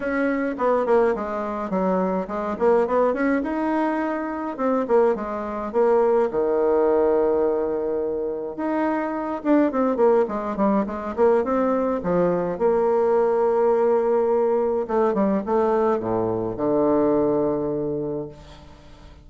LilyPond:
\new Staff \with { instrumentName = "bassoon" } { \time 4/4 \tempo 4 = 105 cis'4 b8 ais8 gis4 fis4 | gis8 ais8 b8 cis'8 dis'2 | c'8 ais8 gis4 ais4 dis4~ | dis2. dis'4~ |
dis'8 d'8 c'8 ais8 gis8 g8 gis8 ais8 | c'4 f4 ais2~ | ais2 a8 g8 a4 | a,4 d2. | }